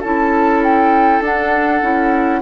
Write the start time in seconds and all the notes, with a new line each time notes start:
0.00 C#4 E4 A4 A5
0.63 G5
1.21 D4 F#5
1.82 C#4 E4